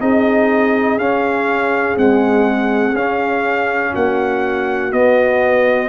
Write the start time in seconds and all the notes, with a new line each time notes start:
0.00 C4 D#4 G#4 D#5
0.97 C#4 F5
1.96 G#3 C4 F#5
2.94 C#4 F5
3.92 A#3 F#4 F#5
4.92 B3 D#5